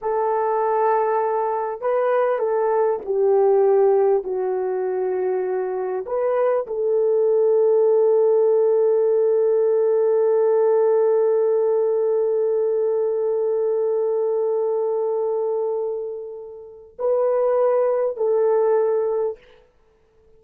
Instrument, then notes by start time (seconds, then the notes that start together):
horn
0.01 A4
1.81 B4
2.39 A4
3.05 G4
4.23 F#4
6.06 B4
6.66 A4
16.98 B4
18.16 A4